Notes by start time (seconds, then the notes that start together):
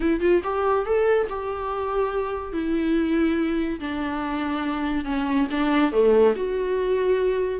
0.00 E4
0.20 F4
0.43 G4
0.85 A4
1.29 G4
2.53 E4
3.80 D4
5.05 C#4
5.50 D4
5.92 A3
6.35 F#4